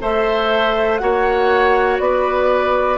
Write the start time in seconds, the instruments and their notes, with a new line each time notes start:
0.00 bassoon A3, clarinet A4, oboe C5, flute E5
0.97 bassoon A#3, clarinet F#4, oboe C#5, flute F#5
1.99 bassoon B3, oboe B4, flute D5